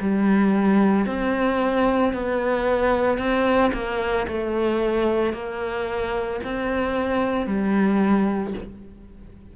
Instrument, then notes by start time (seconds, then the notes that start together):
cello
0.00 G3
1.06 C4
2.13 B3
3.18 C4
3.73 A#3
4.28 A3
5.33 A#3
6.43 C4
7.46 G3